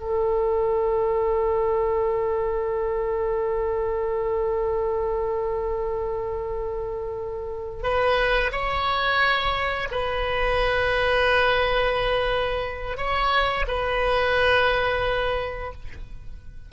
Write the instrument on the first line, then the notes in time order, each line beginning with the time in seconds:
oboe
0.00 A4
7.83 B4
8.53 C#5
9.92 B4
12.98 C#5
13.68 B4